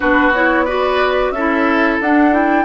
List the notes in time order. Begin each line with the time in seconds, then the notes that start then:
0.00 B3 D4 F#4 B4
0.33 E4 C#5
0.65 F#4 B4 D5
1.31 C#4 A4 E5
1.37 E4
2.00 D4 F#5
2.32 E4 G5